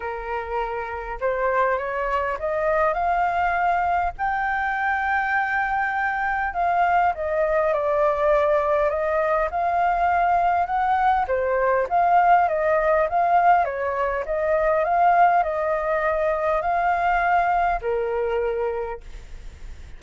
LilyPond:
\new Staff \with { instrumentName = "flute" } { \time 4/4 \tempo 4 = 101 ais'2 c''4 cis''4 | dis''4 f''2 g''4~ | g''2. f''4 | dis''4 d''2 dis''4 |
f''2 fis''4 c''4 | f''4 dis''4 f''4 cis''4 | dis''4 f''4 dis''2 | f''2 ais'2 | }